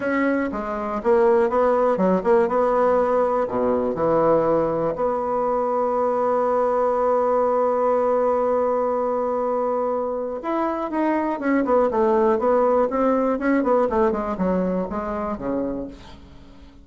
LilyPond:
\new Staff \with { instrumentName = "bassoon" } { \time 4/4 \tempo 4 = 121 cis'4 gis4 ais4 b4 | fis8 ais8 b2 b,4 | e2 b2~ | b1~ |
b1~ | b4 e'4 dis'4 cis'8 b8 | a4 b4 c'4 cis'8 b8 | a8 gis8 fis4 gis4 cis4 | }